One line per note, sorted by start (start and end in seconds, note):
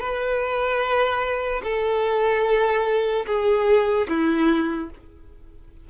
0.00 1.62 B4
1.64 3.26 A4
3.27 4.08 G#4
4.09 4.90 E4